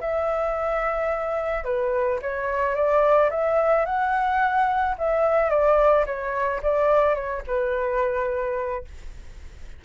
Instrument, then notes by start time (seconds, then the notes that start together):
flute
0.00 E5
1.64 B4
2.21 C#5
2.74 D5
3.30 E5
3.85 F#5
4.98 E5
5.49 D5
6.06 C#5
6.62 D5
7.14 C#5
7.47 B4